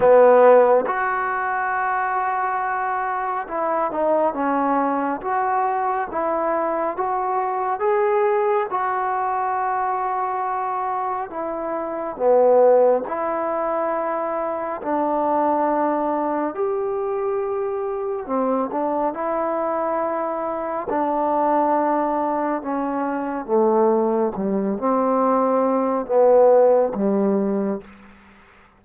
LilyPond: \new Staff \with { instrumentName = "trombone" } { \time 4/4 \tempo 4 = 69 b4 fis'2. | e'8 dis'8 cis'4 fis'4 e'4 | fis'4 gis'4 fis'2~ | fis'4 e'4 b4 e'4~ |
e'4 d'2 g'4~ | g'4 c'8 d'8 e'2 | d'2 cis'4 a4 | g8 c'4. b4 g4 | }